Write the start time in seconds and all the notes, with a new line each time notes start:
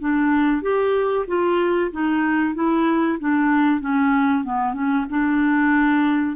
0.00 D4
0.62 G4
1.27 F4
1.91 D#4
2.54 E4
3.19 D4
3.80 C#4
4.44 B3
4.73 C#4
5.09 D4